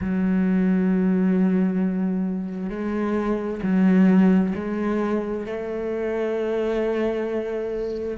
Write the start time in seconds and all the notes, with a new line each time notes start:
0.01 F#3
2.69 G#3
3.62 F#3
4.55 G#3
5.45 A3